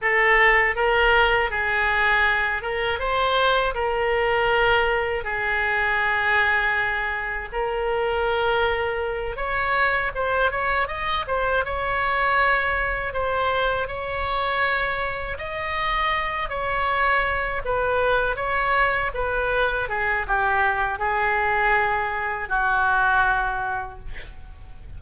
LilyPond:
\new Staff \with { instrumentName = "oboe" } { \time 4/4 \tempo 4 = 80 a'4 ais'4 gis'4. ais'8 | c''4 ais'2 gis'4~ | gis'2 ais'2~ | ais'8 cis''4 c''8 cis''8 dis''8 c''8 cis''8~ |
cis''4. c''4 cis''4.~ | cis''8 dis''4. cis''4. b'8~ | b'8 cis''4 b'4 gis'8 g'4 | gis'2 fis'2 | }